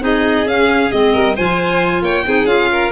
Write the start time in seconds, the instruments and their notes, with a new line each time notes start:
0.00 tuba C4, clarinet D#4, violin G#4 D#5
0.45 tuba C#4, clarinet C#4, violin F5
0.91 tuba G#3, clarinet C4, violin D#5
1.12 tuba G3, violin A#4
1.35 tuba F3, clarinet F4, violin C5 G#5
2.01 tuba A#3, violin C#5 G5
2.25 tuba C4, clarinet D#4, violin G#4
2.44 tuba C#4, clarinet F4, violin F5
2.71 violin A#4